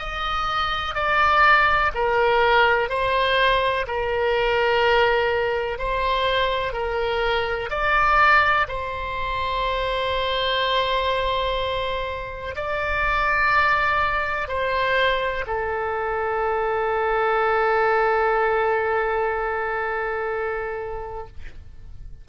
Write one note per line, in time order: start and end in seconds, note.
0.00 0.95 D#5
0.95 1.92 D5
1.95 2.89 A#4
2.89 3.86 C5
3.88 5.79 A#4
5.79 6.73 C5
6.73 7.70 A#4
7.71 8.67 D5
8.69 12.56 C5
12.56 14.49 D5
14.49 15.45 C5
15.47 21.28 A4